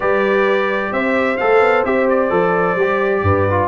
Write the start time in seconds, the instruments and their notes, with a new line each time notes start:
0.00 tuba G3, trombone G4, horn B4, trumpet D5
0.91 tuba C4, horn C5, trumpet E5
1.37 tuba A3, trombone A4, trumpet F5
1.60 tuba B3
1.84 tuba C4, trombone G4, trumpet E5
2.09 trumpet D5
2.30 tuba F3, trombone A4
2.75 tuba G3, trombone G4
3.22 tuba G2, horn B4
3.49 trombone F4